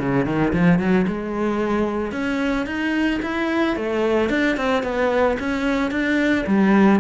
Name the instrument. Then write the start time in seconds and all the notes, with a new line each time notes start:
cello
0.00 C#3
0.26 D#3
0.54 F3
0.79 F#3
1.08 G#3
2.13 C#4
2.67 D#4
3.23 E4
3.77 A3
4.30 D4
4.57 C4
4.84 B3
5.40 C#4
5.92 D4
6.47 G3